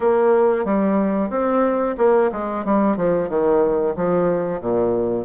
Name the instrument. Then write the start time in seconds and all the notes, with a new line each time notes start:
bassoon
0.00 A#3
0.64 G3
1.30 C4
1.98 A#3
2.32 G#3
2.64 G3
2.97 F3
3.29 D#3
3.96 F3
4.60 A#2